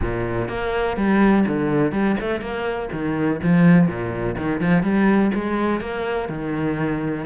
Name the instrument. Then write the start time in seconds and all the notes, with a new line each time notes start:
cello
0.01 A#2
0.48 A#3
0.96 G3
1.47 D3
1.92 G3
2.20 A3
2.40 A#3
2.92 D#3
3.42 F3
3.87 A#2
4.37 D#3
4.60 F3
4.83 G3
5.34 G#3
5.80 A#3
6.28 D#3